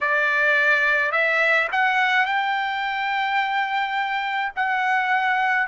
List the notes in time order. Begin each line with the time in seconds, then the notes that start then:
0.00 D5
1.11 E5
1.71 F#5
2.25 G5
4.55 F#5